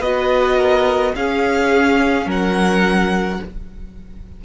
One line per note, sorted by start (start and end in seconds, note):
0.00 1.14 B3
0.00 1.15 F#4
0.00 0.57 B4
0.00 1.15 D#5
0.57 1.13 A#4
1.15 3.42 C#4
1.15 2.27 C#4
1.15 2.27 G#4
1.15 2.29 F5
2.27 3.40 F#3
2.27 3.41 A#4
2.27 3.45 F#5